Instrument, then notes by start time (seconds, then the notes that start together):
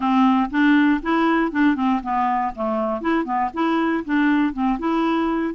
clarinet
0.00 C4
0.50 D4
1.02 E4
1.51 D4
1.75 C4
2.02 B3
2.55 A3
3.01 E4
3.24 B3
3.53 E4
4.04 D4
4.53 C4
4.78 E4